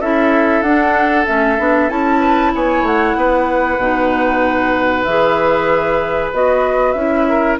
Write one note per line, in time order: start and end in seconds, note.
0.00 0.62 C#4
0.00 0.65 E4
0.00 2.19 A4
0.00 0.62 E5
0.62 1.25 D4
0.62 1.26 D4
0.62 1.25 F#5
1.26 1.58 A3
1.26 1.57 C#4
1.26 1.89 E5
1.58 1.89 B3
1.58 1.89 D4
1.89 2.53 C#4
1.89 3.78 E4
1.89 2.52 A5
2.19 2.51 B4
2.54 2.82 B3
2.54 3.17 C#5
2.54 2.86 G#5
2.82 3.14 A3
2.82 5.04 F#5
3.16 3.78 B3
3.16 7.28 B4
3.78 5.04 B2
3.78 5.07 D#4
5.04 6.32 E3
5.04 6.33 G#4
5.04 6.30 E5
6.32 6.94 B3
6.32 6.96 F#4
6.32 6.92 D#5
6.92 7.57 C#4
6.92 7.59 E4
6.92 7.55 E5
7.29 7.59 A#4